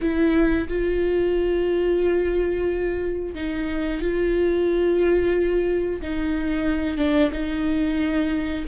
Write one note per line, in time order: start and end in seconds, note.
0.01 0.68 E4
0.68 3.35 F4
3.35 4.01 D#4
4.01 6.01 F4
6.01 6.97 D#4
6.97 7.30 D4
7.32 8.65 D#4